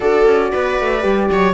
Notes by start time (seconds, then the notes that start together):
0.00 D4 F#4 A4 D5
0.26 C#4
0.51 B3 B4
0.79 A3
1.01 G3 G4
1.31 F#3 C#5